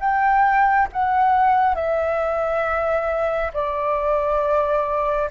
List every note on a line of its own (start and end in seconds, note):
0.00 0.88 G5
0.93 1.75 F#5
1.75 3.52 E5
3.53 5.30 D5